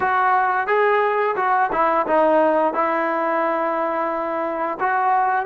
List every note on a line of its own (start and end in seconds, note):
0.00 0.67 F#4
0.67 1.35 G#4
1.36 1.70 F#4
1.72 2.06 E4
2.06 2.73 D#4
2.73 4.78 E4
4.79 5.45 F#4